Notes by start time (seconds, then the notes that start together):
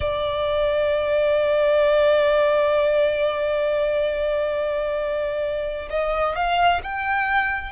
0.00 D5
5.90 D#5
6.35 F5
6.83 G5